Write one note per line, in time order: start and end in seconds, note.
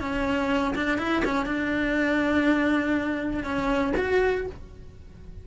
0.00 0.74 C#4
0.75 0.98 D4
0.98 1.22 E4
1.25 1.45 C#4
1.45 3.43 D4
3.43 3.93 C#4
3.97 4.46 F#4